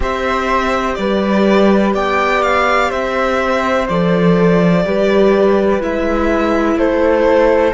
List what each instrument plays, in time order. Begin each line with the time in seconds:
0.00 cello C4, viola G4, flute C5, violin E5
0.94 cello G3, flute B4, violin D5
1.94 cello B3, flute D5, violin G5
2.42 violin F5
2.90 cello C4, flute C5, violin E5
3.88 cello F3, viola A4, violin D5
4.84 cello G3, viola G4, flute B4
5.80 cello G#3, viola E4, violin E5
6.76 cello A3, flute A4, violin C5